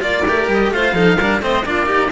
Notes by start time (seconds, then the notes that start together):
0.00 A#3 F4 D5
0.25 A3 G4 A#4
0.48 G3 D#5
0.70 A3 F4 C5 F5
0.93 F3 D#4 A4
1.17 G3 D4 A#4
1.40 A3 C4 C5 D#5
1.64 A#3 D4 F4 D5
1.86 D#4 G4